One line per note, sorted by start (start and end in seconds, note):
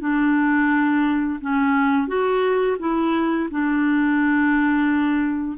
0.00 1.40 D4
1.41 2.08 C#4
2.08 2.77 F#4
2.79 3.49 E4
3.51 5.58 D4